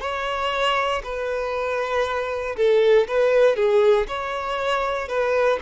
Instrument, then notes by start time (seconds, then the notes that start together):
violin
0.00 C#5
1.03 B4
2.56 A4
3.07 B4
3.56 G#4
4.07 C#5
5.08 B4